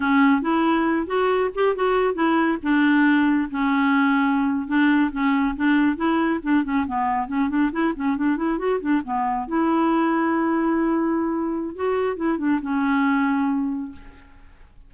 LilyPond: \new Staff \with { instrumentName = "clarinet" } { \time 4/4 \tempo 4 = 138 cis'4 e'4. fis'4 g'8 | fis'4 e'4 d'2 | cis'2~ cis'8. d'4 cis'16~ | cis'8. d'4 e'4 d'8 cis'8 b16~ |
b8. cis'8 d'8 e'8 cis'8 d'8 e'8 fis'16~ | fis'16 d'8 b4 e'2~ e'16~ | e'2. fis'4 | e'8 d'8 cis'2. | }